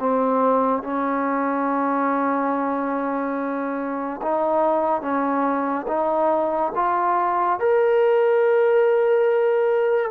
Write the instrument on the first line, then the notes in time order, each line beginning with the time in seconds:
trombone
0.00 C4
0.83 C#4
4.22 D#4
5.02 C#4
5.88 D#4
6.75 F4
7.60 A#4